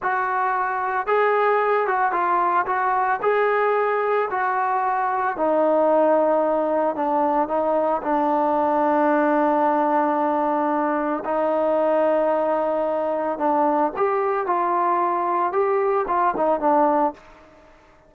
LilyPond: \new Staff \with { instrumentName = "trombone" } { \time 4/4 \tempo 4 = 112 fis'2 gis'4. fis'8 | f'4 fis'4 gis'2 | fis'2 dis'2~ | dis'4 d'4 dis'4 d'4~ |
d'1~ | d'4 dis'2.~ | dis'4 d'4 g'4 f'4~ | f'4 g'4 f'8 dis'8 d'4 | }